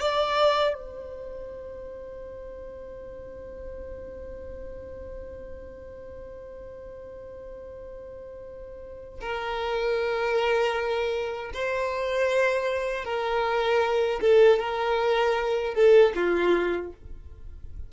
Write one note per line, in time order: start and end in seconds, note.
0.00 0.74 D5
0.74 9.20 C5
9.21 11.52 A#4
11.53 13.05 C5
13.05 14.20 A#4
14.21 14.59 A4
14.59 15.74 A#4
15.74 16.13 A4
16.15 16.92 F4